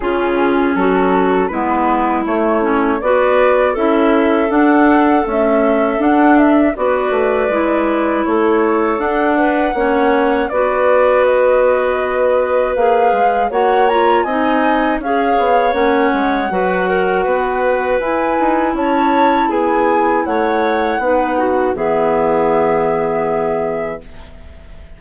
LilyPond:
<<
  \new Staff \with { instrumentName = "flute" } { \time 4/4 \tempo 4 = 80 gis'4 a'4 b'4 cis''4 | d''4 e''4 fis''4 e''4 | fis''8 e''8 d''2 cis''4 | fis''2 d''4 dis''4~ |
dis''4 f''4 fis''8 ais''8 gis''4 | f''4 fis''2. | gis''4 a''4 gis''4 fis''4~ | fis''4 e''2. | }
  \new Staff \with { instrumentName = "clarinet" } { \time 4/4 f'4 fis'4 e'2 | b'4 a'2.~ | a'4 b'2 a'4~ | a'8 b'8 cis''4 b'2~ |
b'2 cis''4 dis''4 | cis''2 b'8 ais'8 b'4~ | b'4 cis''4 gis'4 cis''4 | b'8 fis'8 gis'2. | }
  \new Staff \with { instrumentName = "clarinet" } { \time 4/4 cis'2 b4 a8 cis'8 | fis'4 e'4 d'4 a4 | d'4 fis'4 e'2 | d'4 cis'4 fis'2~ |
fis'4 gis'4 fis'8 f'8 dis'4 | gis'4 cis'4 fis'2 | e'1 | dis'4 b2. | }
  \new Staff \with { instrumentName = "bassoon" } { \time 4/4 cis4 fis4 gis4 a4 | b4 cis'4 d'4 cis'4 | d'4 b8 a8 gis4 a4 | d'4 ais4 b2~ |
b4 ais8 gis8 ais4 c'4 | cis'8 b8 ais8 gis8 fis4 b4 | e'8 dis'8 cis'4 b4 a4 | b4 e2. | }
>>